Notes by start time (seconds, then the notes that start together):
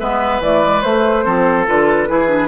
0.00 G#3 B3 B4 E5
0.40 E3 A3 D5
0.64 G#3
0.82 A3 C5
1.25 F3 C4 A4
1.67 D3 F4 B4
2.09 E3 E4 G#4
2.29 D4